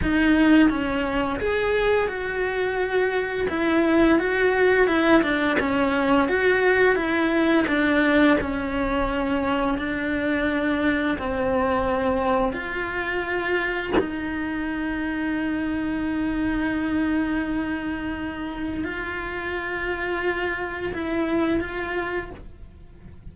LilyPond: \new Staff \with { instrumentName = "cello" } { \time 4/4 \tempo 4 = 86 dis'4 cis'4 gis'4 fis'4~ | fis'4 e'4 fis'4 e'8 d'8 | cis'4 fis'4 e'4 d'4 | cis'2 d'2 |
c'2 f'2 | dis'1~ | dis'2. f'4~ | f'2 e'4 f'4 | }